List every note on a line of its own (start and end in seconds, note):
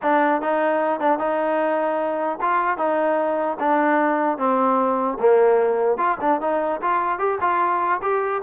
0.02 0.41 D4
0.41 0.99 D#4
0.99 1.18 D4
1.18 2.38 D#4
2.41 2.77 F4
2.77 3.57 D#4
3.59 4.38 D4
4.38 5.18 C4
5.19 5.97 A#3
5.97 6.17 F4
6.21 6.41 D4
6.41 6.81 D#4
6.81 7.19 F4
7.19 7.39 G4
7.40 8.00 F4
8.02 8.42 G4